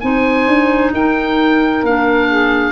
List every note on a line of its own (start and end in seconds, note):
0.00 0.47 C4
0.00 1.84 D#4
0.00 0.92 C5
0.00 0.91 G#5
0.47 0.92 D4
0.92 1.83 D#4
0.92 2.28 A#4
0.92 1.85 G5
1.83 2.72 A#3
1.83 2.72 D4
1.83 2.72 F5
2.28 2.72 G#4